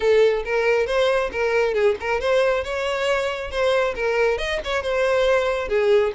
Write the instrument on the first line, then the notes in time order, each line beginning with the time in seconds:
violin
0.00 A4
0.44 A#4
0.86 C5
1.31 A#4
1.73 G#4
2.00 A#4
2.20 C5
2.64 C#5
3.50 C5
3.95 A#4
4.38 D#5
4.64 C#5
4.82 C5
5.68 G#4